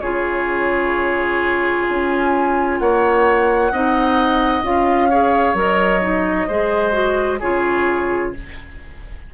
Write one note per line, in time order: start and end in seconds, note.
0.00 1.86 C#3
0.00 3.71 F4
0.00 2.79 G#4
0.00 1.85 C#5
1.87 2.79 C#4
1.87 2.78 G#5
2.78 3.72 A#3
2.78 3.72 C#5
2.78 4.63 F#5
3.72 4.62 C4
3.72 4.63 D#4
3.72 5.09 D#5
4.62 5.53 C#4
4.62 5.09 F4
4.62 5.57 F5
5.09 5.55 G#4
5.09 6.47 C#5
5.53 6.46 F#3
5.53 6.01 A#4
5.53 7.40 D#5
6.01 6.47 D#4
6.47 7.41 G#3
6.47 6.91 G#4
6.47 7.39 C5
6.91 7.37 F#4
7.39 8.33 C#3
7.39 8.34 F4
7.39 8.31 G#4
7.39 8.32 C#5